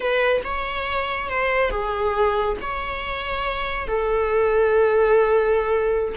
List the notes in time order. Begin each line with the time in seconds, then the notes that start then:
0.00 B4
0.44 C#5
1.29 C5
1.70 G#4
2.61 C#5
3.87 A4